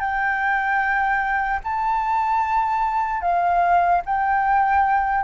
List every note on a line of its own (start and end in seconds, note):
0.00 1.60 G5
1.64 3.22 A5
3.22 4.02 F5
4.05 5.24 G5